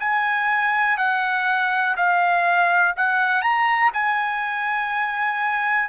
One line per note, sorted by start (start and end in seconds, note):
0.00 0.97 G#5
0.97 1.96 F#5
1.96 2.95 F5
2.96 3.42 F#5
3.42 3.91 A#5
3.93 5.89 G#5